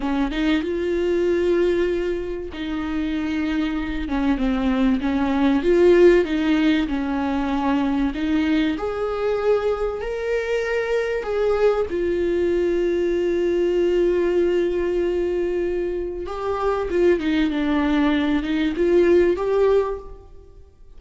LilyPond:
\new Staff \with { instrumentName = "viola" } { \time 4/4 \tempo 4 = 96 cis'8 dis'8 f'2. | dis'2~ dis'8 cis'8 c'4 | cis'4 f'4 dis'4 cis'4~ | cis'4 dis'4 gis'2 |
ais'2 gis'4 f'4~ | f'1~ | f'2 g'4 f'8 dis'8 | d'4. dis'8 f'4 g'4 | }